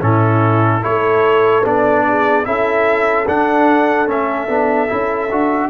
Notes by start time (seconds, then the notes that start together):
0.00 A2 C#4 E4 A4
0.81 A3 E4 A4 C#5
1.64 B3 D4 D5
2.06 G#4
2.44 C#4 E4 A4 E5
3.27 D4 F#5
4.06 A3 C#4 E5
4.48 B3 D4
4.87 C#4 E4
5.31 D4 F#4